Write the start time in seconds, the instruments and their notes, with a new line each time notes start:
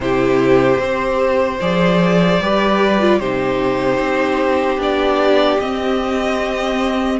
0.00 cello C3, viola E4, violin G4 C5
0.78 cello C4, viola G4, violin C5
1.61 cello F3, viola G#4, violin D5
2.39 cello G3, viola G4, violin B4
3.00 viola F4
3.19 cello C3, viola D#4, violin G4 C5
3.98 cello C4
4.77 cello B3, viola D4, violin D5
5.59 cello C4, viola C4, violin D#5